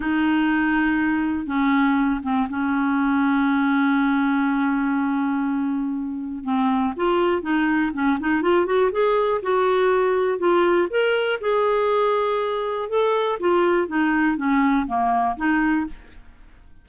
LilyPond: \new Staff \with { instrumentName = "clarinet" } { \time 4/4 \tempo 4 = 121 dis'2. cis'4~ | cis'8 c'8 cis'2.~ | cis'1~ | cis'4 c'4 f'4 dis'4 |
cis'8 dis'8 f'8 fis'8 gis'4 fis'4~ | fis'4 f'4 ais'4 gis'4~ | gis'2 a'4 f'4 | dis'4 cis'4 ais4 dis'4 | }